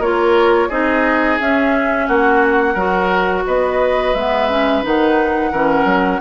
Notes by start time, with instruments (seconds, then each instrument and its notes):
0.00 bassoon A#3, clarinet F4, oboe A#4, flute C#5
0.69 bassoon C4, clarinet D#4, oboe G#4, flute D#5
1.40 clarinet C#4, bassoon C#4, flute E5
2.07 bassoon A#3, oboe F#4, flute F#5
2.74 bassoon F#3, clarinet F#4, oboe A#4
3.47 bassoon B3, oboe B4, flute D#5
4.14 bassoon G#3, clarinet B3, flute E5
4.50 clarinet C#4
4.83 bassoon D#3, clarinet D#4, flute F#5
5.51 bassoon E3, clarinet C#4, oboe A#4
5.85 bassoon F#3